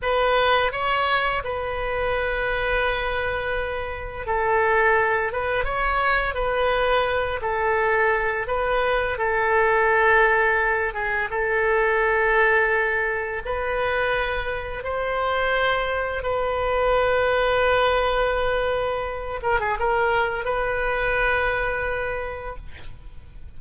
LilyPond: \new Staff \with { instrumentName = "oboe" } { \time 4/4 \tempo 4 = 85 b'4 cis''4 b'2~ | b'2 a'4. b'8 | cis''4 b'4. a'4. | b'4 a'2~ a'8 gis'8 |
a'2. b'4~ | b'4 c''2 b'4~ | b'2.~ b'8 ais'16 gis'16 | ais'4 b'2. | }